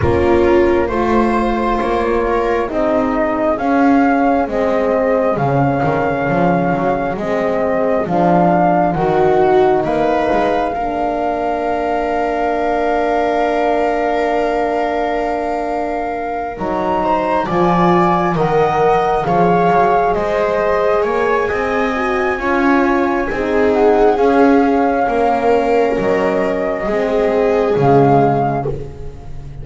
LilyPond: <<
  \new Staff \with { instrumentName = "flute" } { \time 4/4 \tempo 4 = 67 ais'4 c''4 cis''4 dis''4 | f''4 dis''4 f''2 | dis''4 f''4 fis''4 f''4~ | f''1~ |
f''2~ f''8 ais''4 gis''8~ | gis''8 fis''4 f''4 dis''4 gis''8~ | gis''2~ gis''8 fis''8 f''4~ | f''4 dis''2 f''4 | }
  \new Staff \with { instrumentName = "viola" } { \time 4/4 f'4 c''4. ais'8 gis'4~ | gis'1~ | gis'2 fis'4 b'4 | ais'1~ |
ais'2. c''8 d''8~ | d''8 dis''4 cis''4 c''4 cis''8 | dis''4 cis''4 gis'2 | ais'2 gis'2 | }
  \new Staff \with { instrumentName = "horn" } { \time 4/4 cis'4 f'2 dis'4 | cis'4 c'4 cis'2 | c'4 d'4 dis'2 | d'1~ |
d'2~ d'8 dis'4 f'8~ | f'8 ais'4 gis'2~ gis'8~ | gis'8 fis'8 f'4 dis'4 cis'4~ | cis'2 c'4 gis4 | }
  \new Staff \with { instrumentName = "double bass" } { \time 4/4 ais4 a4 ais4 c'4 | cis'4 gis4 cis8 dis8 f8 fis8 | gis4 f4 dis4 ais8 gis8 | ais1~ |
ais2~ ais8 fis4 f8~ | f8 dis4 f8 fis8 gis4 ais8 | c'4 cis'4 c'4 cis'4 | ais4 fis4 gis4 cis4 | }
>>